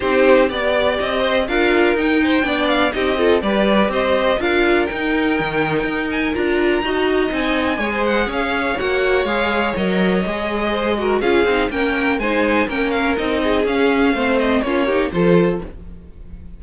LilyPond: <<
  \new Staff \with { instrumentName = "violin" } { \time 4/4 \tempo 4 = 123 c''4 d''4 dis''4 f''4 | g''4. f''8 dis''4 d''4 | dis''4 f''4 g''2~ | g''8 gis''8 ais''2 gis''4~ |
gis''8 fis''8 f''4 fis''4 f''4 | dis''2. f''4 | g''4 gis''4 g''8 f''8 dis''4 | f''4. dis''8 cis''4 c''4 | }
  \new Staff \with { instrumentName = "violin" } { \time 4/4 g'4 d''4. c''8 ais'4~ | ais'8 c''8 d''4 g'8 a'8 b'4 | c''4 ais'2.~ | ais'2 dis''2 |
cis''16 c''8. cis''2.~ | cis''2 c''8 ais'8 gis'4 | ais'4 c''4 ais'4. gis'8~ | gis'4 c''4 f'8 g'8 a'4 | }
  \new Staff \with { instrumentName = "viola" } { \time 4/4 dis'4 g'2 f'4 | dis'4 d'4 dis'8 f'8 g'4~ | g'4 f'4 dis'2~ | dis'4 f'4 fis'4 dis'4 |
gis'2 fis'4 gis'4 | ais'4 gis'4. fis'8 f'8 dis'8 | cis'4 dis'4 cis'4 dis'4 | cis'4 c'4 cis'8 dis'8 f'4 | }
  \new Staff \with { instrumentName = "cello" } { \time 4/4 c'4 b4 c'4 d'4 | dis'4 b4 c'4 g4 | c'4 d'4 dis'4 dis4 | dis'4 d'4 dis'4 c'4 |
gis4 cis'4 ais4 gis4 | fis4 gis2 cis'8 c'8 | ais4 gis4 ais4 c'4 | cis'4 a4 ais4 f4 | }
>>